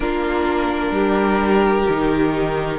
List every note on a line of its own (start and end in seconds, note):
0.00 0.90 A#3
0.00 1.87 D4
0.00 0.93 F4
0.00 2.79 A#4
0.90 1.84 G3
0.90 2.79 G4
1.88 2.79 D#3
1.88 2.79 D#4